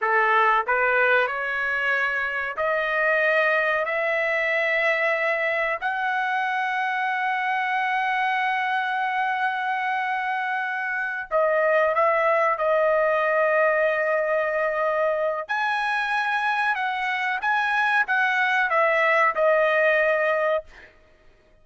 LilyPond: \new Staff \with { instrumentName = "trumpet" } { \time 4/4 \tempo 4 = 93 a'4 b'4 cis''2 | dis''2 e''2~ | e''4 fis''2.~ | fis''1~ |
fis''4. dis''4 e''4 dis''8~ | dis''1 | gis''2 fis''4 gis''4 | fis''4 e''4 dis''2 | }